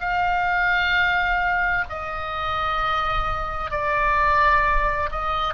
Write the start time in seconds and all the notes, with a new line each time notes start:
0.00 F5
1.89 D#5
3.71 D5
5.11 D#5